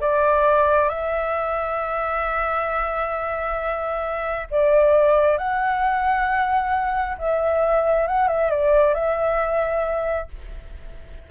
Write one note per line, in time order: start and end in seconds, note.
0.00 0.88 D5
0.88 4.47 E5
4.50 5.38 D5
5.38 7.17 F#5
7.18 8.07 E5
8.07 8.27 F#5
8.27 8.50 E5
8.50 8.94 D5
8.94 10.28 E5